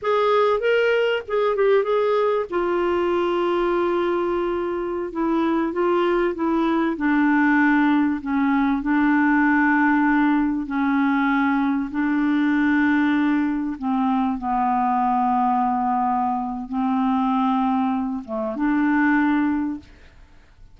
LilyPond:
\new Staff \with { instrumentName = "clarinet" } { \time 4/4 \tempo 4 = 97 gis'4 ais'4 gis'8 g'8 gis'4 | f'1~ | f'16 e'4 f'4 e'4 d'8.~ | d'4~ d'16 cis'4 d'4.~ d'16~ |
d'4~ d'16 cis'2 d'8.~ | d'2~ d'16 c'4 b8.~ | b2. c'4~ | c'4. a8 d'2 | }